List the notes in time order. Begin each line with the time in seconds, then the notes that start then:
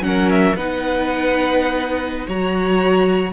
0.00 F#3 C#4 F#5
0.06 A#4
0.30 E5
0.55 B3 D#4 B4 F#5
2.26 F#3 F#4 C#5 A#5